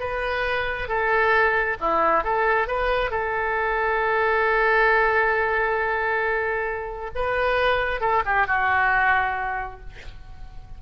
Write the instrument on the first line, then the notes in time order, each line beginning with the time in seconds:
oboe
0.00 B4
0.88 A4
1.81 E4
2.24 A4
2.68 B4
3.11 A4
7.16 B4
8.01 A4
8.26 G4
8.47 F#4